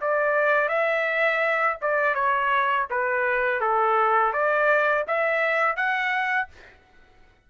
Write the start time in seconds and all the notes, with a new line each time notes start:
0.00 D5
0.68 E5
1.81 D5
2.14 C#5
2.90 B4
3.60 A4
4.32 D5
5.07 E5
5.76 F#5